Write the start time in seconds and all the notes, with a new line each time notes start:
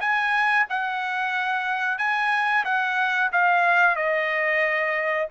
0.00 G#5
0.69 F#5
1.98 G#5
2.64 F#5
3.32 F5
3.95 D#5